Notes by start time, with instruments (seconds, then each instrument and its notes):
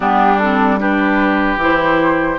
0.00 bassoon G3, clarinet B3, oboe D4, flute G4
0.39 clarinet C4, flute A4
0.79 clarinet D4, oboe G4, flute B4
1.56 bassoon E3, clarinet E4
1.62 flute C5